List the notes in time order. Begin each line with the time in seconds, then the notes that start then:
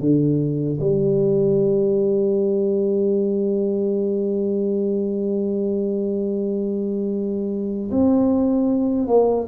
0.00 D3
0.80 G3
7.91 C4
9.08 A#3